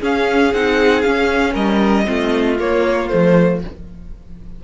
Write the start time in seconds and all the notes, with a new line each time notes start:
0.00 C#4 G#4 F5
0.54 C4 D#4 F#5
1.02 C#4 F5
1.53 G3 A#4 D#5
2.05 A3 C4 F4
2.59 A#3 C#5
3.08 F3 A3 C5